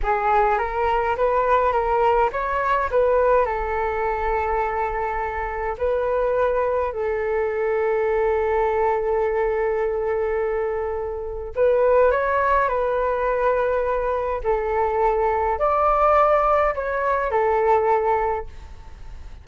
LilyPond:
\new Staff \with { instrumentName = "flute" } { \time 4/4 \tempo 4 = 104 gis'4 ais'4 b'4 ais'4 | cis''4 b'4 a'2~ | a'2 b'2 | a'1~ |
a'1 | b'4 cis''4 b'2~ | b'4 a'2 d''4~ | d''4 cis''4 a'2 | }